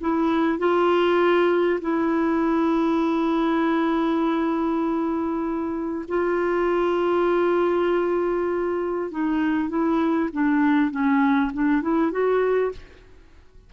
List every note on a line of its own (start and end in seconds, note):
0.00 0.58 E4
0.58 1.79 F4
1.81 6.05 E4
6.08 9.10 F4
9.10 9.69 D#4
9.69 10.29 E4
10.33 10.91 D4
10.91 11.51 C#4
11.53 11.81 D4
11.81 12.11 E4
12.11 12.72 F#4